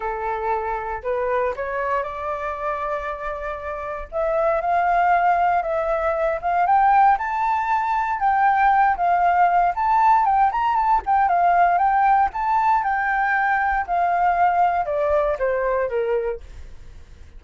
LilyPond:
\new Staff \with { instrumentName = "flute" } { \time 4/4 \tempo 4 = 117 a'2 b'4 cis''4 | d''1 | e''4 f''2 e''4~ | e''8 f''8 g''4 a''2 |
g''4. f''4. a''4 | g''8 ais''8 a''8 g''8 f''4 g''4 | a''4 g''2 f''4~ | f''4 d''4 c''4 ais'4 | }